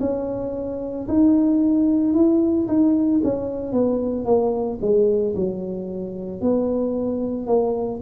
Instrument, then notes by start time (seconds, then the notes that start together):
tuba
0.00 C#4
1.08 D#4
2.13 E4
2.67 D#4
3.23 C#4
3.73 B3
4.25 A#3
4.81 G#3
5.35 F#3
6.41 B3
7.47 A#3